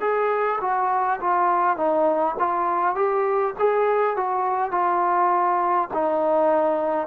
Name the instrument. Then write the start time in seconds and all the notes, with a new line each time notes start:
trombone
0.00 G#4
0.60 F#4
1.20 F4
1.76 D#4
2.39 F4
2.95 G4
3.58 G#4
4.16 F#4
4.71 F4
5.93 D#4